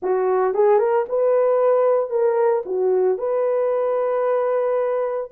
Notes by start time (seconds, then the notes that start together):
0.02 F#4
0.54 G#4
0.78 A#4
1.08 B4
2.09 A#4
2.65 F#4
3.18 B4